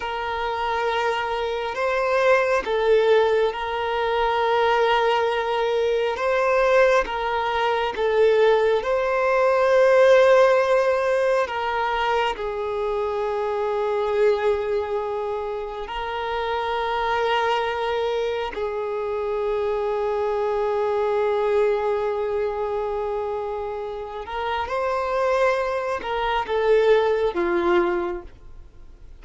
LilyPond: \new Staff \with { instrumentName = "violin" } { \time 4/4 \tempo 4 = 68 ais'2 c''4 a'4 | ais'2. c''4 | ais'4 a'4 c''2~ | c''4 ais'4 gis'2~ |
gis'2 ais'2~ | ais'4 gis'2.~ | gis'2.~ gis'8 ais'8 | c''4. ais'8 a'4 f'4 | }